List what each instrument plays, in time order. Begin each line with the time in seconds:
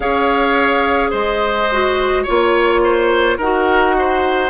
0.00 bassoon C#4, clarinet G#4, oboe C#5, flute F5
1.10 bassoon G#3, oboe C5, flute D#5
1.71 clarinet F#4
2.23 bassoon A#3, clarinet F4, oboe C#5, flute C#5
2.84 oboe C5
3.37 bassoon D#4, clarinet F#4, oboe A#4, flute F#5
3.98 oboe C5